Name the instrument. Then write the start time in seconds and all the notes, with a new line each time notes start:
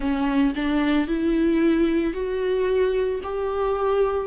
viola
0.00 C#4
0.55 D4
1.07 E4
2.13 F#4
3.23 G4